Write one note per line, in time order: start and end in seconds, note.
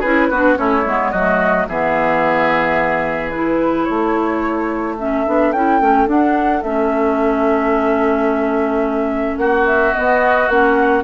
0.00 0.31 C#4
0.00 0.32 E4
0.00 0.28 G#4
0.00 0.57 B4
0.31 0.58 B3
0.31 0.56 D4
0.31 0.58 F#4
0.56 0.86 A3
0.56 0.83 C#4
0.56 1.12 E4
0.56 1.12 C#5
0.86 1.13 G#3
0.86 1.14 B3
1.12 1.68 F#3
1.12 1.70 A3
1.12 1.67 F#4
1.12 1.67 D#5
1.68 3.89 E3
1.68 3.34 B3
1.68 3.89 G#4
1.68 3.30 E5
3.30 4.99 E4
3.30 3.85 B4
3.85 5.27 A3
3.85 9.40 A4
3.85 4.95 C#5
4.99 5.26 C#4
4.99 5.53 E5
5.26 5.53 B3
5.26 5.54 D4
5.53 5.81 C#4
5.53 5.81 E4
5.53 6.08 G5
5.81 6.07 A3
5.81 6.08 C#4
6.07 6.62 D4
6.07 6.63 D4
6.07 6.63 F#5
6.63 9.37 A3
6.63 9.94 C#4
6.63 9.38 E5
9.37 9.93 A#3
9.37 11.04 F#4
9.37 9.65 F#5
9.67 9.94 E5
9.94 10.49 B3
9.94 10.48 B3
9.94 10.49 D#5
10.48 11.03 A#3
10.48 11.04 C#4
10.48 11.04 F#5